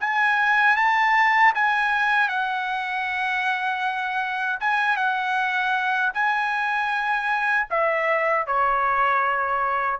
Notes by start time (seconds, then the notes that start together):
0.00 G#5
0.76 A5
1.54 G#5
2.28 F#5
4.60 G#5
4.97 F#5
6.14 G#5
7.70 E5
8.47 C#5